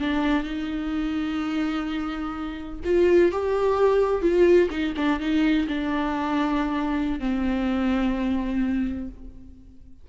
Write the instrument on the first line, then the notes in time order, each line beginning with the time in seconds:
viola
0.00 D4
0.44 D#4
2.85 F4
3.32 G4
4.22 F4
4.71 D#4
4.97 D4
5.20 D#4
5.68 D4
7.20 C4